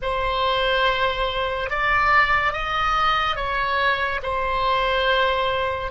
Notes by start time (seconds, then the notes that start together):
0.02 C5
1.70 D5
2.52 D#5
3.36 C#5
4.23 C5